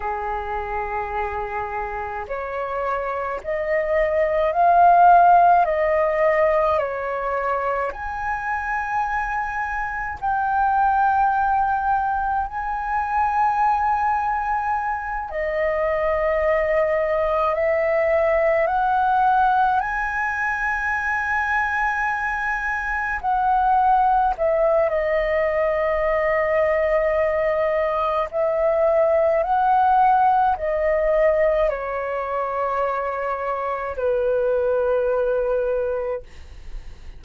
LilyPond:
\new Staff \with { instrumentName = "flute" } { \time 4/4 \tempo 4 = 53 gis'2 cis''4 dis''4 | f''4 dis''4 cis''4 gis''4~ | gis''4 g''2 gis''4~ | gis''4. dis''2 e''8~ |
e''8 fis''4 gis''2~ gis''8~ | gis''8 fis''4 e''8 dis''2~ | dis''4 e''4 fis''4 dis''4 | cis''2 b'2 | }